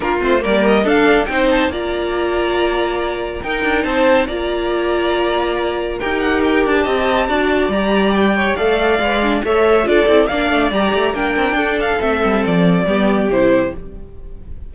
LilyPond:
<<
  \new Staff \with { instrumentName = "violin" } { \time 4/4 \tempo 4 = 140 ais'8 c''8 d''8 dis''8 f''4 g''8 a''8 | ais''1 | g''4 a''4 ais''2~ | ais''2 g''8 fis''8 g''8 a''8~ |
a''2 ais''4 g''4 | f''2 e''4 d''4 | f''4 ais''4 g''4. f''8 | e''4 d''2 c''4 | }
  \new Staff \with { instrumentName = "violin" } { \time 4/4 f'4 ais'4 a'4 c''4 | d''1 | ais'4 c''4 d''2~ | d''2 ais'2 |
dis''4 d''2~ d''8 cis''8 | d''2 cis''4 a'4 | d''2 ais'4 a'4~ | a'2 g'2 | }
  \new Staff \with { instrumentName = "viola" } { \time 4/4 d'8 c'8 ais4 d'4 dis'4 | f'1 | dis'2 f'2~ | f'2 g'2~ |
g'4 fis'4 g'2 | a'4 b'8 d'8 a'4 f'8 e'8 | d'4 g'4 d'2 | c'2 b4 e'4 | }
  \new Staff \with { instrumentName = "cello" } { \time 4/4 ais8 a8 g4 d'4 c'4 | ais1 | dis'8 d'8 c'4 ais2~ | ais2 dis'4. d'8 |
c'4 d'4 g2 | a4 gis4 a4 d'8 c'8 | ais8 a8 g8 a8 ais8 c'8 d'4 | a8 g8 f4 g4 c4 | }
>>